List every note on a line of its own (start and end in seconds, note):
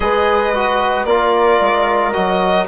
0.00 1.04 G#3
0.00 0.53 G#4
0.00 1.07 B4
0.00 1.05 D#5
0.54 1.07 F#4
1.04 1.58 A#3
1.04 2.13 F4
1.04 2.67 A#4
1.04 2.12 D5
1.60 2.14 G#3
2.13 2.67 F#3
2.13 2.67 F#4
2.13 2.66 D#5